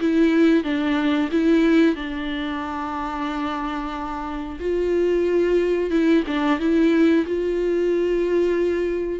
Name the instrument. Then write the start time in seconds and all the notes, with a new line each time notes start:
viola
0.00 E4
0.64 D4
1.31 E4
1.95 D4
4.59 F4
5.90 E4
6.27 D4
6.59 E4
7.26 F4